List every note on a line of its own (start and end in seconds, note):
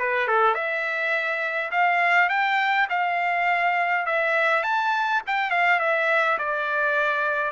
0.00 0.28 B4
0.28 0.55 A4
0.55 1.71 E5
1.72 2.30 F5
2.30 2.88 G5
2.90 4.06 F5
4.06 4.64 E5
4.64 5.22 A5
5.27 5.51 G5
5.51 5.80 F5
5.80 6.38 E5
6.39 7.52 D5